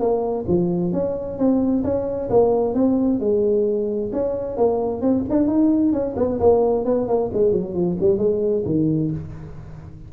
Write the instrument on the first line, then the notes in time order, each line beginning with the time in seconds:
tuba
0.00 A#3
0.48 F3
0.93 C#4
1.38 C4
1.84 C#4
2.30 A#3
2.75 C4
3.20 G#3
4.13 C#4
4.57 A#3
5.02 C4
5.30 D4
5.48 D#4
5.93 C#4
6.17 B3
6.40 A#3
6.85 B3
7.08 A#3
7.34 G#3
7.52 F#3
7.75 F3
8.01 G3
8.19 G#3
8.66 D#3